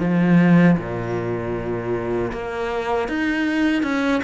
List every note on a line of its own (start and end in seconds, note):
0.00 0.77 F3
0.78 2.31 A#2
2.33 3.08 A#3
3.08 3.83 D#4
3.83 4.21 C#4